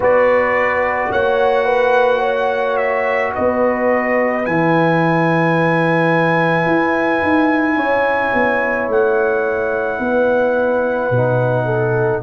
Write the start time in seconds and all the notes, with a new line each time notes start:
0.00 B3 F#4 B4 D5
1.10 A#3 C#5 F#5
1.64 B4
2.19 C#5
2.76 E5
3.34 B3 B4 D#5
4.45 E3 E4 G#5
6.66 E4
7.22 D#4
7.75 C#4 C#5
8.33 B3
8.88 A3 F#5
9.99 B3 B4
11.10 B2 D#4
11.65 A4